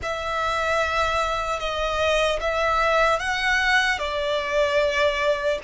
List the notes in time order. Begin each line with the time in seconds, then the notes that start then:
0.02 E5
1.59 D#5
2.40 E5
3.19 F#5
3.99 D5